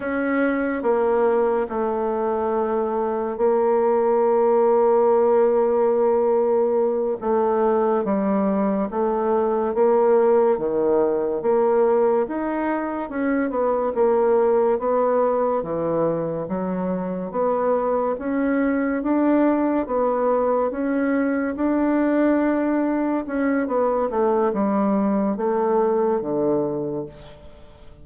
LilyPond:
\new Staff \with { instrumentName = "bassoon" } { \time 4/4 \tempo 4 = 71 cis'4 ais4 a2 | ais1~ | ais8 a4 g4 a4 ais8~ | ais8 dis4 ais4 dis'4 cis'8 |
b8 ais4 b4 e4 fis8~ | fis8 b4 cis'4 d'4 b8~ | b8 cis'4 d'2 cis'8 | b8 a8 g4 a4 d4 | }